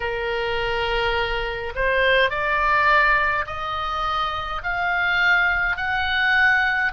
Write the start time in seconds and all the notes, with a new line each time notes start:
0.00 A#4
1.75 C5
2.30 D5
3.46 D#5
4.63 F5
5.76 F#5